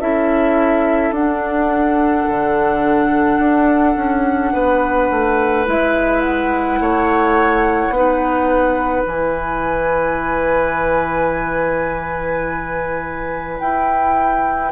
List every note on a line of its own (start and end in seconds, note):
0.00 1.12 C#4
0.00 1.14 E4
0.00 4.53 A4
0.00 1.14 E5
1.12 2.25 D4
1.12 5.67 D4
1.12 5.67 F#5
2.28 3.39 D3
3.39 3.96 D4
3.96 4.53 C#4
4.53 5.10 B3
4.53 6.79 B4
5.11 5.67 A3
5.67 6.80 G#3
5.67 7.93 E4
5.67 6.21 E5
6.21 9.04 F#5
6.80 7.90 A3
6.80 7.94 C#5
7.90 9.03 B3
7.90 9.08 D#4
7.90 14.72 B4
9.07 13.59 E3
9.07 14.72 E4
9.07 13.59 G#5
13.59 14.72 E4
13.59 14.72 G5